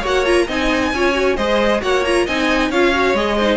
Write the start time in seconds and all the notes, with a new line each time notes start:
0.00 A#3 F#4 C#5
0.06 F#5
0.25 F4 A#5
0.47 C4 D#4 D#5 G#5
0.93 C#4 F4 C#5
1.13 F#4
1.36 G#3 G#4 C5 D#5
1.81 A#3 F#4 C#5 F#5
2.04 F4 A#5
2.25 C4 D#4 D#5 G#5
2.70 C#4 F4 C#5 F5
2.93 F#4
3.14 G#3 G#4 D#5
3.36 D#4 C5